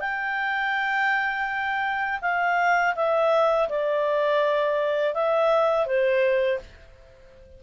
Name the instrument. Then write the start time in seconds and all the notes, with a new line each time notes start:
clarinet
0.00 G5
2.21 F5
2.95 E5
3.69 D5
5.14 E5
5.86 C5